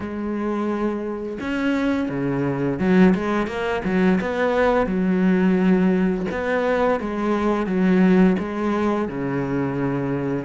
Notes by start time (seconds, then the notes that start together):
0.00 G#3
1.40 C#4
2.09 C#3
2.79 F#3
3.14 G#3
3.47 A#3
3.84 F#3
4.21 B3
4.86 F#3
6.31 B3
7.00 G#3
7.66 F#3
8.38 G#3
9.08 C#3